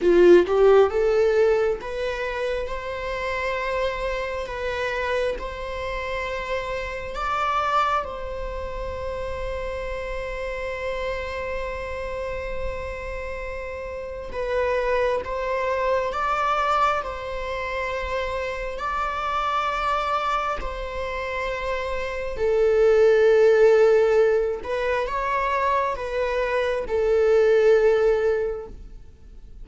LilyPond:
\new Staff \with { instrumentName = "viola" } { \time 4/4 \tempo 4 = 67 f'8 g'8 a'4 b'4 c''4~ | c''4 b'4 c''2 | d''4 c''2.~ | c''1 |
b'4 c''4 d''4 c''4~ | c''4 d''2 c''4~ | c''4 a'2~ a'8 b'8 | cis''4 b'4 a'2 | }